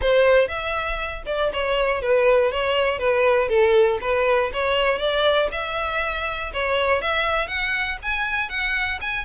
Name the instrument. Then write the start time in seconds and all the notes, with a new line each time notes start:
violin
0.01 C5
0.47 E5
1.25 D5
1.52 C#5
2.01 B4
2.51 C#5
2.98 B4
3.49 A4
4.01 B4
4.53 C#5
4.98 D5
5.51 E5
6.53 C#5
7.01 E5
7.47 F#5
8.02 G#5
8.49 F#5
9.01 G#5